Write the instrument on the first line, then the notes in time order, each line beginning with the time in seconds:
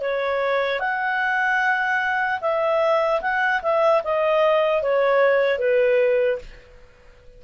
clarinet
0.00 C#5
0.79 F#5
2.41 E5
3.21 F#5
3.62 E5
4.04 D#5
4.82 C#5
5.59 B4